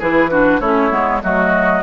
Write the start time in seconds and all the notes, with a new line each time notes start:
0.00 E3 E4 G#4 B4
0.31 D4 F#4
0.61 A3 C#4 E4 C#5
0.91 G#3 B3
1.22 F#3 A3 F#4 D#5